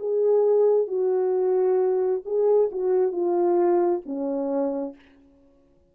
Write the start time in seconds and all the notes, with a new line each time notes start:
0.00 G#4
0.88 F#4
2.26 G#4
2.72 F#4
3.13 F4
4.06 C#4